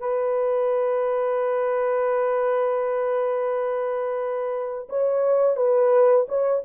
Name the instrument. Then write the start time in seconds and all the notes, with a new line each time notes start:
horn
0.00 B4
4.90 C#5
5.57 B4
6.29 C#5